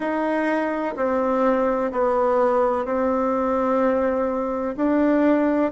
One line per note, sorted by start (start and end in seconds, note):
0.00 0.94 D#4
0.96 1.91 C4
1.92 2.85 B3
2.85 4.75 C4
4.76 5.71 D4